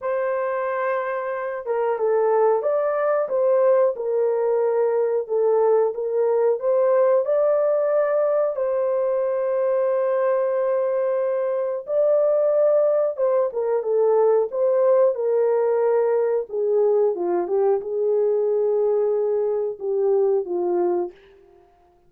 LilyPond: \new Staff \with { instrumentName = "horn" } { \time 4/4 \tempo 4 = 91 c''2~ c''8 ais'8 a'4 | d''4 c''4 ais'2 | a'4 ais'4 c''4 d''4~ | d''4 c''2.~ |
c''2 d''2 | c''8 ais'8 a'4 c''4 ais'4~ | ais'4 gis'4 f'8 g'8 gis'4~ | gis'2 g'4 f'4 | }